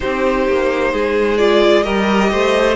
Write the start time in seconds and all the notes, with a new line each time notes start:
0.00 C4 D#4 G4 C5
0.47 A#3
0.93 G#3 G#4
1.37 F4 D5
1.82 G3 G4 A#4 D#5
2.31 A3 C5